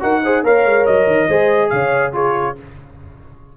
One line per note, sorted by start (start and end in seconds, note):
0.00 0.43 D#4
0.00 0.21 F#4
0.00 0.23 A#4
0.00 0.45 F#5
0.24 0.45 G#4
0.24 0.44 C5
0.43 0.64 A#3
0.43 1.29 A#4
0.43 1.28 C#5
0.43 0.86 F5
0.65 0.86 G#3
0.86 1.07 F#3
0.86 1.69 D#5
1.07 1.28 D#3
1.28 1.71 G#3
1.28 2.13 G#4
1.28 1.71 C5
1.69 2.57 C#3
1.69 2.14 C#5
1.69 2.12 F5
2.13 2.55 F4
2.13 2.56 G#4
2.13 2.57 C#5